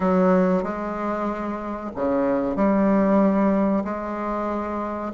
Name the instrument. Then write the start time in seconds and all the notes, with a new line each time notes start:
bassoon
0.00 F#3
0.63 G#3
1.95 C#3
2.55 G3
3.84 G#3